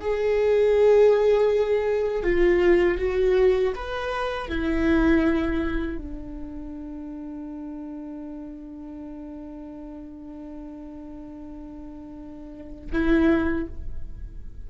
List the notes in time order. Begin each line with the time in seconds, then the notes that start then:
0.00 G#4
2.23 F4
2.98 F#4
3.75 B4
4.48 E4
5.97 D4
12.92 E4